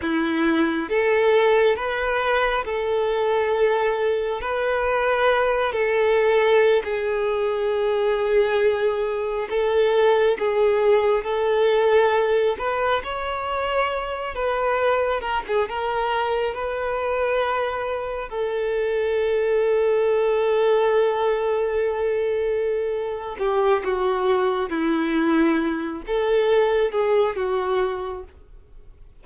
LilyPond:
\new Staff \with { instrumentName = "violin" } { \time 4/4 \tempo 4 = 68 e'4 a'4 b'4 a'4~ | a'4 b'4. a'4~ a'16 gis'16~ | gis'2~ gis'8. a'4 gis'16~ | gis'8. a'4. b'8 cis''4~ cis''16~ |
cis''16 b'4 ais'16 gis'16 ais'4 b'4~ b'16~ | b'8. a'2.~ a'16~ | a'2~ a'8 g'8 fis'4 | e'4. a'4 gis'8 fis'4 | }